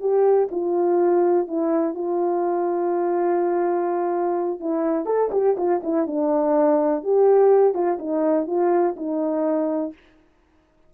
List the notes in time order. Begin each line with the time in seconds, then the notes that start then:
0.00 G4
0.51 F4
1.47 E4
1.94 F4
4.60 E4
5.06 A4
5.32 G4
5.57 F4
5.83 E4
6.07 D4
7.04 G4
7.74 F4
7.99 D#4
8.47 F4
8.96 D#4